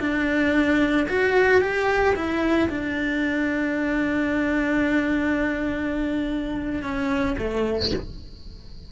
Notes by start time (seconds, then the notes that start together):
0.00 D4
1.09 F#4
1.61 G4
2.16 E4
2.70 D4
6.83 C#4
7.38 A3